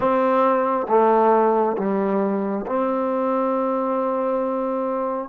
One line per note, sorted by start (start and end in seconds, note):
0.00 0.87 C4
0.88 1.76 A3
1.77 2.65 G3
2.66 5.28 C4